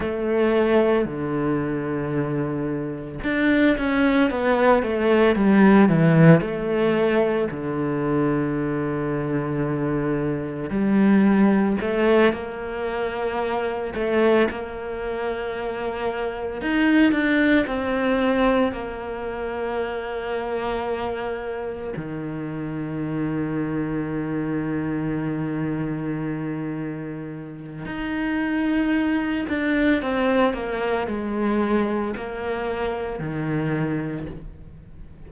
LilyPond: \new Staff \with { instrumentName = "cello" } { \time 4/4 \tempo 4 = 56 a4 d2 d'8 cis'8 | b8 a8 g8 e8 a4 d4~ | d2 g4 a8 ais8~ | ais4 a8 ais2 dis'8 |
d'8 c'4 ais2~ ais8~ | ais8 dis2.~ dis8~ | dis2 dis'4. d'8 | c'8 ais8 gis4 ais4 dis4 | }